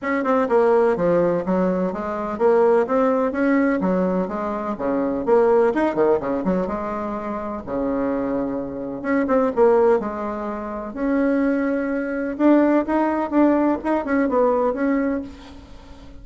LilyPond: \new Staff \with { instrumentName = "bassoon" } { \time 4/4 \tempo 4 = 126 cis'8 c'8 ais4 f4 fis4 | gis4 ais4 c'4 cis'4 | fis4 gis4 cis4 ais4 | dis'8 dis8 cis8 fis8 gis2 |
cis2. cis'8 c'8 | ais4 gis2 cis'4~ | cis'2 d'4 dis'4 | d'4 dis'8 cis'8 b4 cis'4 | }